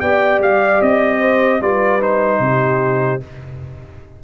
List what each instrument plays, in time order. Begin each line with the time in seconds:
0.00 tuba B3, trombone G4, horn D5, trumpet G5
0.39 tuba G3, trumpet F5
0.82 tuba C4, trumpet D#5
1.20 horn C5
1.61 tuba G3, trombone F4, horn B4, trumpet D5
2.00 trombone D#4, trumpet C5
2.39 tuba C3, horn G4